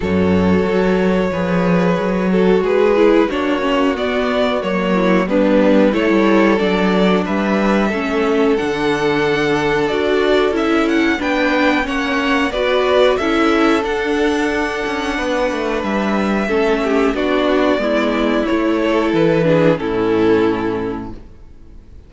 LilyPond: <<
  \new Staff \with { instrumentName = "violin" } { \time 4/4 \tempo 4 = 91 cis''1 | b'4 cis''4 d''4 cis''4 | b'4 cis''4 d''4 e''4~ | e''4 fis''2 d''4 |
e''8 fis''8 g''4 fis''4 d''4 | e''4 fis''2. | e''2 d''2 | cis''4 b'4 a'2 | }
  \new Staff \with { instrumentName = "violin" } { \time 4/4 a'2 b'4. a'8 | gis'4 fis'2~ fis'8 e'8 | d'4 a'2 b'4 | a'1~ |
a'4 b'4 cis''4 b'4 | a'2. b'4~ | b'4 a'8 g'8 fis'4 e'4~ | e'8 a'4 gis'8 e'2 | }
  \new Staff \with { instrumentName = "viola" } { \time 4/4 fis'2 gis'4. fis'8~ | fis'8 e'8 d'8 cis'8 b4 ais4 | b4 e'4 d'2 | cis'4 d'2 fis'4 |
e'4 d'4 cis'4 fis'4 | e'4 d'2.~ | d'4 cis'4 d'4 b4 | e'4. d'8 cis'2 | }
  \new Staff \with { instrumentName = "cello" } { \time 4/4 fis,4 fis4 f4 fis4 | gis4 ais4 b4 fis4 | g4 a16 g8. fis4 g4 | a4 d2 d'4 |
cis'4 b4 ais4 b4 | cis'4 d'4. cis'8 b8 a8 | g4 a4 b4 gis4 | a4 e4 a,2 | }
>>